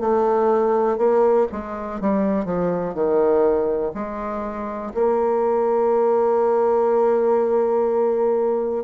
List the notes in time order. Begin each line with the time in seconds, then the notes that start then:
0.00 A3
0.98 A#3
1.52 G#3
2.01 G3
2.45 F3
2.94 D#3
3.94 G#3
4.94 A#3